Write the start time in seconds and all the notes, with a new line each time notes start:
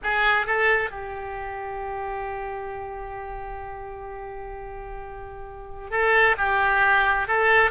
0.03 G#4
0.46 A4
0.90 G4
5.90 A4
6.37 G4
7.27 A4